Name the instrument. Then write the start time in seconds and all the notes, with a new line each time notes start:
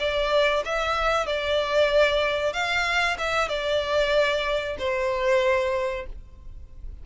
violin
0.00 D5
0.66 E5
1.26 D5
2.54 F5
3.19 E5
3.49 D5
4.79 C5